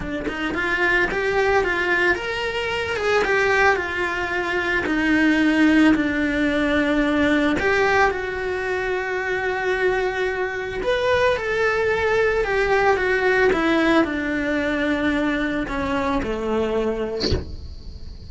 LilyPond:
\new Staff \with { instrumentName = "cello" } { \time 4/4 \tempo 4 = 111 d'8 dis'8 f'4 g'4 f'4 | ais'4. gis'8 g'4 f'4~ | f'4 dis'2 d'4~ | d'2 g'4 fis'4~ |
fis'1 | b'4 a'2 g'4 | fis'4 e'4 d'2~ | d'4 cis'4 a2 | }